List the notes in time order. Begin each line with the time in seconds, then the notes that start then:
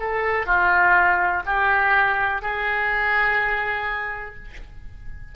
0.00 A4
0.47 F4
1.46 G4
2.42 G#4